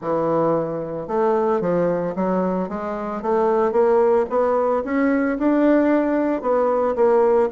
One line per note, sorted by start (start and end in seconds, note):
0.01 1.07 E3
1.07 1.60 A3
1.60 2.14 F3
2.15 2.68 F#3
2.68 3.22 G#3
3.22 3.72 A3
3.72 4.25 A#3
4.29 4.83 B3
4.84 5.38 C#4
5.38 6.41 D4
6.41 6.95 B3
6.95 7.49 A#3